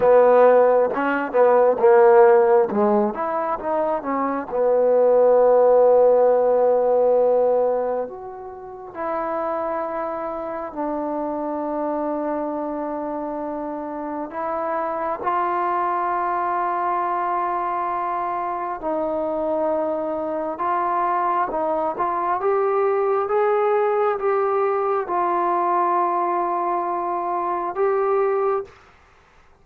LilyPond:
\new Staff \with { instrumentName = "trombone" } { \time 4/4 \tempo 4 = 67 b4 cis'8 b8 ais4 gis8 e'8 | dis'8 cis'8 b2.~ | b4 fis'4 e'2 | d'1 |
e'4 f'2.~ | f'4 dis'2 f'4 | dis'8 f'8 g'4 gis'4 g'4 | f'2. g'4 | }